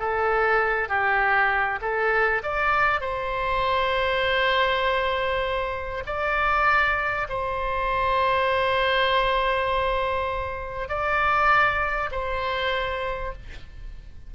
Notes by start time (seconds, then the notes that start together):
0.00 A4
0.89 G4
1.82 A4
2.44 D5
3.01 C5
6.07 D5
7.30 C5
10.89 D5
12.12 C5